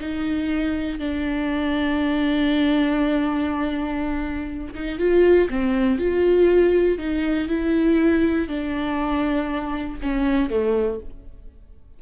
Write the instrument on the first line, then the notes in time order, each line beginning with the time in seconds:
viola
0.00 D#4
0.99 D4
4.75 D#4
4.98 F4
5.50 C4
5.99 F4
6.98 D#4
7.48 E4
8.48 D4
10.02 C#4
10.50 A3